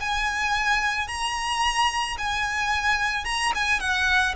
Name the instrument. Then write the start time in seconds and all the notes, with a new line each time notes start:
violin
0.00 G#5
1.08 A#5
2.18 G#5
3.25 A#5
3.55 G#5
3.80 F#5